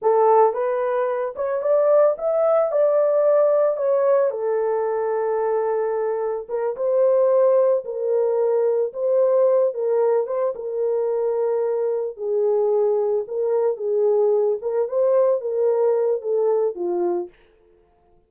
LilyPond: \new Staff \with { instrumentName = "horn" } { \time 4/4 \tempo 4 = 111 a'4 b'4. cis''8 d''4 | e''4 d''2 cis''4 | a'1 | ais'8 c''2 ais'4.~ |
ais'8 c''4. ais'4 c''8 ais'8~ | ais'2~ ais'8 gis'4.~ | gis'8 ais'4 gis'4. ais'8 c''8~ | c''8 ais'4. a'4 f'4 | }